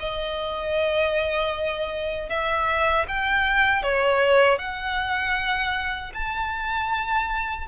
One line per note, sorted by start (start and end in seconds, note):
0.00 2.30 D#5
2.30 3.07 E5
3.08 3.83 G5
3.83 4.59 C#5
4.59 6.13 F#5
6.14 7.68 A5